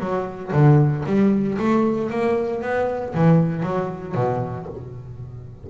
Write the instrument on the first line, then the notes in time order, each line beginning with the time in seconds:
double bass
0.00 F#3
0.53 D3
1.06 G3
1.59 A3
2.10 A#3
2.62 B3
3.15 E3
3.63 F#3
4.15 B2